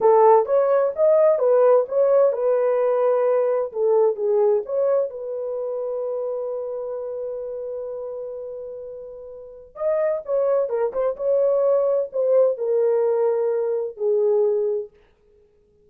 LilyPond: \new Staff \with { instrumentName = "horn" } { \time 4/4 \tempo 4 = 129 a'4 cis''4 dis''4 b'4 | cis''4 b'2. | a'4 gis'4 cis''4 b'4~ | b'1~ |
b'1~ | b'4 dis''4 cis''4 ais'8 c''8 | cis''2 c''4 ais'4~ | ais'2 gis'2 | }